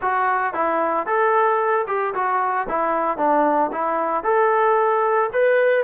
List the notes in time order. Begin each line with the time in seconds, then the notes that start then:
0.01 F#4
0.53 E4
1.06 A4
1.87 G4
2.14 F#4
2.68 E4
3.17 D4
3.72 E4
4.23 A4
5.32 B4